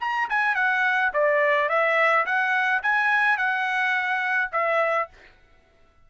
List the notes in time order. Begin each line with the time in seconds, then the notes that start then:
0.00 A#5
0.29 G#5
0.55 F#5
1.13 D5
1.69 E5
2.25 F#5
2.82 G#5
3.37 F#5
4.52 E5